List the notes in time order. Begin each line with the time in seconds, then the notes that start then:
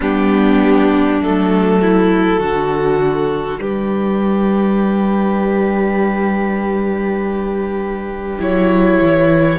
0.00 G3 B3 D4 G4
1.20 F#3 A3 A4
1.81 E4
2.39 D3 D4 F#4
3.58 G3 G4 B4
8.39 F#3 E4 C#5
9.01 E3